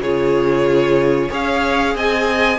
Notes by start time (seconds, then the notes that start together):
0.00 C#3 F4 G#4 C#5
1.30 C#4 G#4 C#5 F5
1.95 C4 D#5 G#5